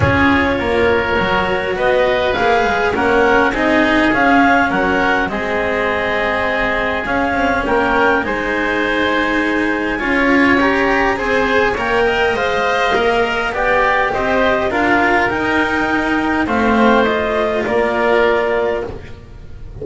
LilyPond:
<<
  \new Staff \with { instrumentName = "clarinet" } { \time 4/4 \tempo 4 = 102 cis''2. dis''4 | f''4 fis''4 dis''4 f''4 | fis''4 dis''2. | f''4 g''4 gis''2~ |
gis''2 ais''4 gis''4 | g''4 f''2 g''4 | dis''4 f''4 g''2 | f''4 dis''4 d''2 | }
  \new Staff \with { instrumentName = "oboe" } { \time 4/4 gis'4 ais'2 b'4~ | b'4 ais'4 gis'2 | ais'4 gis'2.~ | gis'4 ais'4 c''2~ |
c''4 cis''2 c''4 | cis''8 dis''2~ dis''8 d''4 | c''4 ais'2. | c''2 ais'2 | }
  \new Staff \with { instrumentName = "cello" } { \time 4/4 f'2 fis'2 | gis'4 cis'4 dis'4 cis'4~ | cis'4 c'2. | cis'2 dis'2~ |
dis'4 f'4 g'4 gis'4 | ais'4 c''4 ais'4 g'4~ | g'4 f'4 dis'2 | c'4 f'2. | }
  \new Staff \with { instrumentName = "double bass" } { \time 4/4 cis'4 ais4 fis4 b4 | ais8 gis8 ais4 c'4 cis'4 | fis4 gis2. | cis'8 c'8 ais4 gis2~ |
gis4 cis'2 c'4 | ais4 gis4 ais4 b4 | c'4 d'4 dis'2 | a2 ais2 | }
>>